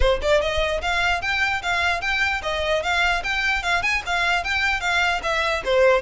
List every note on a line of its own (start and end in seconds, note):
0.00 0.20 C5
0.21 0.41 D5
0.41 0.81 D#5
0.81 1.21 F5
1.21 1.61 G5
1.62 2.01 F5
2.01 2.41 G5
2.42 2.82 D#5
2.82 3.23 F5
3.23 3.63 G5
3.63 3.82 F5
3.82 4.02 G#5
4.06 4.43 F5
4.43 4.80 G5
4.80 5.21 F5
5.22 5.63 E5
5.64 6.02 C5